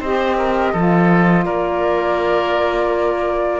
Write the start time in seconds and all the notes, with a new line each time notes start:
0.00 C4 G4 C5 D#5
0.37 A#4
0.72 F3 F4 A4
1.45 A#3 A#4 D5